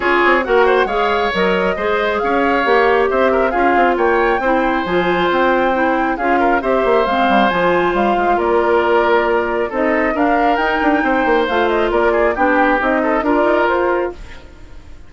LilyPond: <<
  \new Staff \with { instrumentName = "flute" } { \time 4/4 \tempo 4 = 136 cis''4 fis''4 f''4 dis''4~ | dis''4 f''2 e''4 | f''4 g''2 gis''4 | g''2 f''4 e''4 |
f''4 gis''4 f''4 d''4~ | d''2 dis''4 f''4 | g''2 f''8 dis''8 d''4 | g''4 dis''4 d''4 c''4 | }
  \new Staff \with { instrumentName = "oboe" } { \time 4/4 gis'4 ais'8 c''8 cis''2 | c''4 cis''2 c''8 ais'8 | gis'4 cis''4 c''2~ | c''2 gis'8 ais'8 c''4~ |
c''2. ais'4~ | ais'2 a'4 ais'4~ | ais'4 c''2 ais'8 gis'8 | g'4. a'8 ais'2 | }
  \new Staff \with { instrumentName = "clarinet" } { \time 4/4 f'4 fis'4 gis'4 ais'4 | gis'2 g'2 | f'2 e'4 f'4~ | f'4 e'4 f'4 g'4 |
c'4 f'2.~ | f'2 dis'4 d'4 | dis'2 f'2 | d'4 dis'4 f'2 | }
  \new Staff \with { instrumentName = "bassoon" } { \time 4/4 cis'8 c'8 ais4 gis4 fis4 | gis4 cis'4 ais4 c'4 | cis'8 c'8 ais4 c'4 f4 | c'2 cis'4 c'8 ais8 |
gis8 g8 f4 g8 gis8 ais4~ | ais2 c'4 d'4 | dis'8 d'8 c'8 ais8 a4 ais4 | b4 c'4 d'8 dis'8 f'4 | }
>>